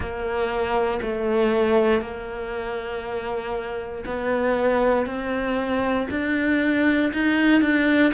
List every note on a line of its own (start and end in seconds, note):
0.00 0.99 A#3
1.02 2.01 A3
2.01 4.04 A#3
4.05 5.06 B3
5.06 6.07 C4
6.10 7.12 D4
7.13 7.61 D#4
7.61 8.12 D4